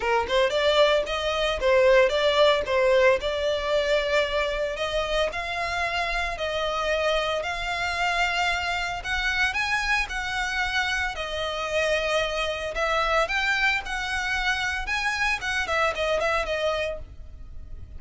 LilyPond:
\new Staff \with { instrumentName = "violin" } { \time 4/4 \tempo 4 = 113 ais'8 c''8 d''4 dis''4 c''4 | d''4 c''4 d''2~ | d''4 dis''4 f''2 | dis''2 f''2~ |
f''4 fis''4 gis''4 fis''4~ | fis''4 dis''2. | e''4 g''4 fis''2 | gis''4 fis''8 e''8 dis''8 e''8 dis''4 | }